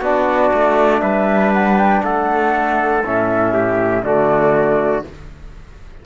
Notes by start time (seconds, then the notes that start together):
0.00 B3 D4 F#4 D5
0.53 A3
1.01 G3 B4 E5
1.53 F#5
1.78 G5
2.03 A3 A4 F#5
3.05 A2 C#4 E5
3.53 G4
4.03 D3 A3 F#4 D5